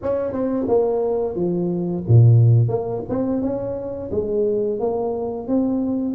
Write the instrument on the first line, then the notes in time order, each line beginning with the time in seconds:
tuba
0.02 C#4
0.32 C4
0.68 A#3
1.35 F3
2.08 A#2
2.68 A#3
3.09 C4
3.42 C#4
4.11 G#3
4.79 A#3
5.47 C4